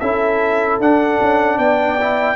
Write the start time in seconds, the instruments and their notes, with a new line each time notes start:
0.00 tuba C#4, trombone E4, horn A4, trumpet E5
0.80 tuba D4, trombone D4, trumpet F#5
1.21 tuba C#4
1.58 tuba B3, horn D5, trumpet G5
2.01 trombone E4